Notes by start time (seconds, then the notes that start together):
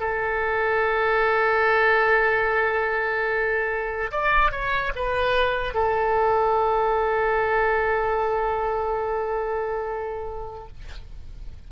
0.00 A4
4.12 D5
4.51 C#5
4.95 B4
5.74 A4